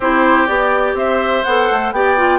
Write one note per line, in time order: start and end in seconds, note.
0.00 0.48 C4
0.00 0.47 E4
0.00 0.97 G4
0.00 0.46 C5
0.46 0.94 B3
0.46 1.44 G4
0.46 0.95 D5
0.94 1.42 C4
0.94 1.94 C5
0.94 1.43 E5
1.43 1.70 B3
1.43 1.95 A4
1.43 1.92 F#5
1.71 1.92 A3
1.92 2.39 B3
1.92 2.17 G4
1.92 2.39 D5
1.92 2.39 G5
2.17 2.39 F4